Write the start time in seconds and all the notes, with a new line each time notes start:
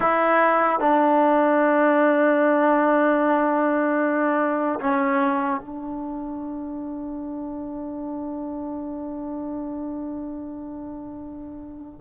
0.00 E4
0.79 D4
4.80 C#4
5.60 D4